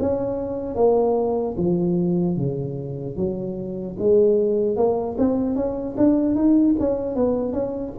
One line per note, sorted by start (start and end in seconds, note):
0.00 0.76 C#4
0.76 1.56 A#3
1.57 2.37 F3
2.37 3.17 C#3
3.17 3.97 F#3
3.99 4.77 G#3
4.77 5.17 A#3
5.18 5.56 C4
5.56 5.96 C#4
5.98 6.36 D4
6.36 6.76 D#4
6.80 7.16 C#4
7.16 7.53 B3
7.53 7.93 C#4